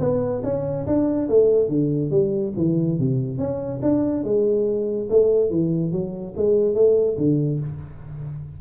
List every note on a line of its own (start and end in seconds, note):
0.00 0.42 B3
0.44 0.86 C#4
0.87 1.29 D4
1.29 1.69 A3
1.69 2.11 D3
2.11 2.53 G3
2.57 2.99 E3
2.99 3.38 C3
3.38 3.80 C#4
3.82 4.24 D4
4.24 5.08 G#3
5.10 5.50 A3
5.50 5.92 E3
5.92 6.34 F#3
6.37 6.75 G#3
6.75 7.17 A3
7.17 7.60 D3